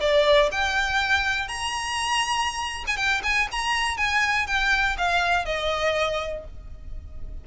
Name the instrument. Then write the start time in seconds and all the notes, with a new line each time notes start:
violin
0.00 D5
0.51 G5
1.48 A#5
2.87 G#5
2.96 G5
3.23 G#5
3.51 A#5
3.97 G#5
4.47 G5
4.97 F5
5.45 D#5